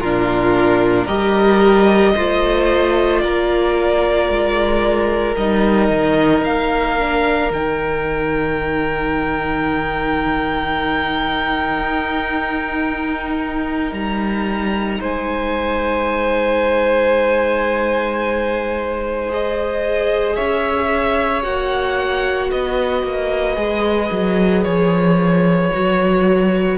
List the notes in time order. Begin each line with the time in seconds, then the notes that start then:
0.00 A#2 D4 F4 A#4
1.06 G3 G4 A#4 D#5
2.16 A3 F4 C5
3.21 A#3 A#4 D5
4.29 G#3
5.37 G3 D#4 D#5
5.90 D#3
6.44 A#3 F5
6.99 D4
7.51 D#3 D#4 G5
11.79 D#4
13.92 G3 A#5
15.00 G#3 C5 G#5
19.29 G#4 D#5
20.36 C#4 C#5 E5
21.43 A#3 F#4 F#5
22.50 B3 B4 D#5
23.03 A#3
23.56 G#3 G#4
24.12 F#3
24.64 F3 C#5
25.73 F#3 F#4